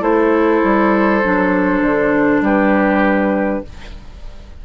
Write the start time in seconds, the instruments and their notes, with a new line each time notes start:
0.00 bassoon A3, clarinet E4, oboe A4, flute C5
0.63 bassoon G3
1.24 bassoon F#3, clarinet D4
1.80 bassoon D3
2.41 bassoon G3, oboe G4, flute B4